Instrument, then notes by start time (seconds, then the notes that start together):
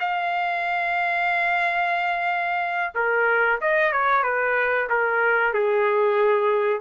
trumpet
0.00 F5
2.95 A#4
3.61 D#5
3.92 C#5
4.23 B4
4.89 A#4
5.54 G#4